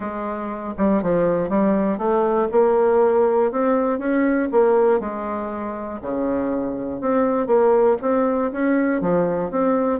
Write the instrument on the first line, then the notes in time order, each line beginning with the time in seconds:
bassoon
0.00 G#3
0.77 G3
1.02 F3
1.49 G3
1.98 A3
2.51 A#3
3.51 C4
3.98 C#4
4.51 A#3
5.00 G#3
6.01 C#3
7.00 C4
7.47 A#3
8.01 C4
8.52 C#4
9.01 F3
9.50 C4